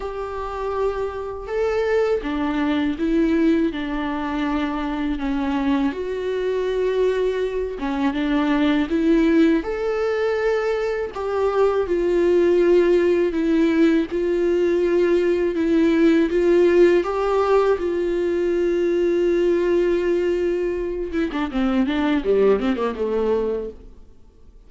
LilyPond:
\new Staff \with { instrumentName = "viola" } { \time 4/4 \tempo 4 = 81 g'2 a'4 d'4 | e'4 d'2 cis'4 | fis'2~ fis'8 cis'8 d'4 | e'4 a'2 g'4 |
f'2 e'4 f'4~ | f'4 e'4 f'4 g'4 | f'1~ | f'8 e'16 d'16 c'8 d'8 g8 c'16 ais16 a4 | }